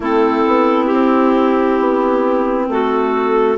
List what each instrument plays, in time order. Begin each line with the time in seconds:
0.00 bassoon A3, clarinet C4 E4 A4
0.46 bassoon B3
0.85 bassoon C4, clarinet G4
1.79 bassoon B3
2.68 bassoon A3, clarinet F#4 A4